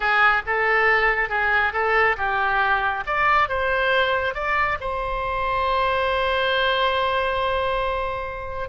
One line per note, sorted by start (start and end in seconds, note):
0.00 0.42 G#4
0.46 1.29 A4
1.29 1.73 G#4
1.73 2.16 A4
2.17 3.04 G4
3.06 3.48 D5
3.48 4.34 C5
4.34 4.77 D5
4.80 8.69 C5